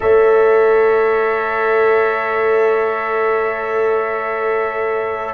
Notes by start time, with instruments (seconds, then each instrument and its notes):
0.00 tuba A3, trombone A4, horn C#5, trumpet E5